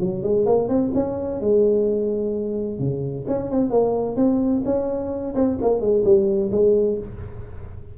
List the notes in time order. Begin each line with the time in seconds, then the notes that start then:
0.00 F#3
0.23 G#3
0.46 A#3
0.69 C4
0.95 C#4
1.41 G#3
2.79 C#3
3.27 C#4
3.51 C4
3.70 A#3
4.16 C4
4.65 C#4
5.35 C4
5.62 A#3
5.81 G#3
6.05 G3
6.51 G#3